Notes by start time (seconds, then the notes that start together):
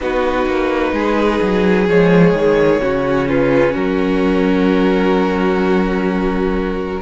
0.01 B3 D#4 F#4 B4
0.46 A#3
0.92 G#3 G#4
1.41 F#3
1.88 F3 G#3 C#5
2.33 D#3
2.79 C#3 C#4 F#4
3.28 F4 B4
3.72 F#3 F#4 A#4